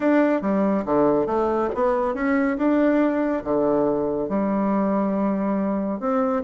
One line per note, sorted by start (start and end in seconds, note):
0.00 0.41 D4
0.41 0.84 G3
0.85 1.26 D3
1.26 1.69 A3
1.75 2.14 B3
2.14 2.57 C#4
2.57 3.43 D4
3.44 4.29 D3
4.29 5.99 G3
5.99 6.42 C4